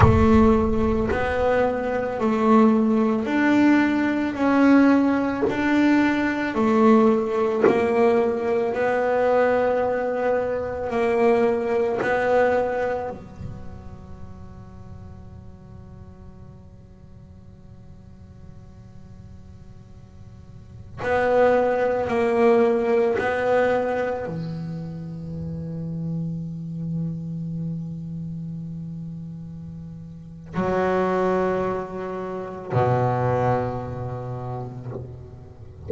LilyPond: \new Staff \with { instrumentName = "double bass" } { \time 4/4 \tempo 4 = 55 a4 b4 a4 d'4 | cis'4 d'4 a4 ais4 | b2 ais4 b4 | fis1~ |
fis2.~ fis16 b8.~ | b16 ais4 b4 e4.~ e16~ | e1 | fis2 b,2 | }